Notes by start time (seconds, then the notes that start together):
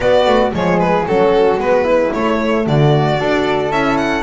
0.00 B3 F#4 D5
0.26 A3
0.52 F3 G#3 G#4 C#5
0.79 B4
1.07 F#3 C#4 F#4 A4
1.57 G#3 B3 B4
1.83 E4
2.12 A3 C#5
2.66 D3 F#4 D5
3.18 D4 F#4 A4
3.70 C#4 E4 E5
3.97 F#5